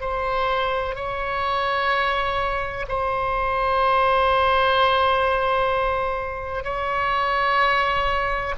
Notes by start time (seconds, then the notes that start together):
0.00 C5
0.95 C#5
2.88 C5
6.64 C#5